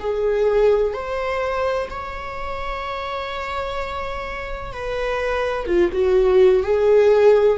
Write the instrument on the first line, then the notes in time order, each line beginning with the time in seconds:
viola
0.00 G#4
0.94 C5
1.90 C#5
4.73 B4
5.67 F4
5.93 F#4
6.64 G#4